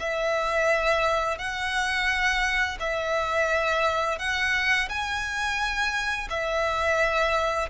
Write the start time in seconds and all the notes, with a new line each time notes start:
0.00 E5
1.39 F#5
2.80 E5
4.19 F#5
4.89 G#5
6.30 E5